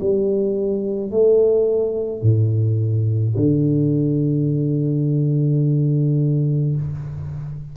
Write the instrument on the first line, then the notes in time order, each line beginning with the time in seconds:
tuba
0.00 G3
1.11 A3
2.22 A2
3.37 D3